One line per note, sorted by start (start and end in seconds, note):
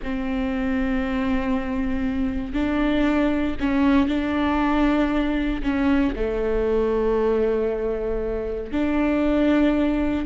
0.03 2.53 C4
2.53 3.55 D4
3.60 4.08 C#4
4.08 5.62 D4
5.62 6.14 C#4
6.15 8.72 A3
8.72 10.26 D4